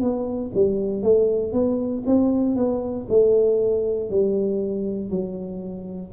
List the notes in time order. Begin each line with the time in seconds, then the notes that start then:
0.00 B3
0.54 G3
1.02 A3
1.52 B3
2.06 C4
2.56 B3
3.08 A3
4.09 G3
5.09 F#3